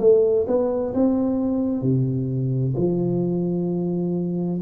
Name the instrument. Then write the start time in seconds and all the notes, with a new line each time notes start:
tuba
0.00 A3
0.47 B3
0.94 C4
1.82 C3
2.77 F3